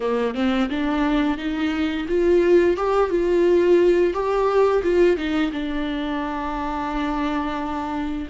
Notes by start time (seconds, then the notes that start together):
0.00 A#3
0.34 C4
0.69 D4
1.37 D#4
2.08 F4
2.76 G4
3.10 F4
4.13 G4
4.82 F4
5.16 D#4
5.52 D4